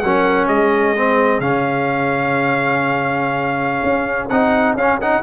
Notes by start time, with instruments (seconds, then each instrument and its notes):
0.00 tuba F#3, trombone C#4, horn A#4, trumpet F#5
0.48 tuba G#3, horn G#4, trumpet D#5
0.96 trombone C4
1.40 tuba C#3, trombone C#4, trumpet F5
3.83 tuba C#4
4.29 tuba C4, trombone D#4, trumpet F#5
4.74 tuba C#4, trombone C#4, trumpet F5
5.01 trombone D#4, trumpet F#5